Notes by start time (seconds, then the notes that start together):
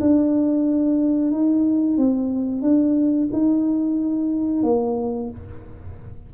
0.00 D4
1.31 D#4
1.97 C4
2.62 D4
3.32 D#4
4.63 A#3